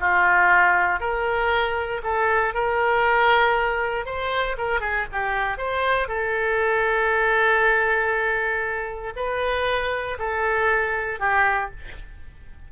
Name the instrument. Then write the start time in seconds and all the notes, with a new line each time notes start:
oboe
0.00 F4
1.00 A#4
2.03 A4
2.54 A#4
4.06 C5
4.58 A#4
4.81 G#4
5.12 G4
5.58 C5
6.08 A4
9.16 B4
10.19 A4
11.20 G4